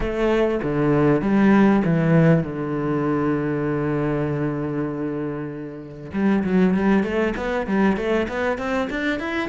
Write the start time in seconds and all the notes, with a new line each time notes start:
0.00 A3
0.63 D3
1.21 G3
1.84 E3
2.43 D3
6.13 G3
6.44 F#3
6.74 G3
7.03 A3
7.36 B3
7.66 G3
7.96 A3
8.28 B3
8.58 C4
8.89 D4
9.19 E4